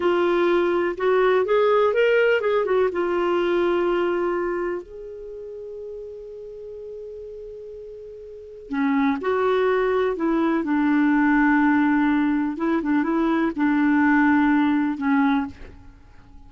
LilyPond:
\new Staff \with { instrumentName = "clarinet" } { \time 4/4 \tempo 4 = 124 f'2 fis'4 gis'4 | ais'4 gis'8 fis'8 f'2~ | f'2 gis'2~ | gis'1~ |
gis'2 cis'4 fis'4~ | fis'4 e'4 d'2~ | d'2 e'8 d'8 e'4 | d'2. cis'4 | }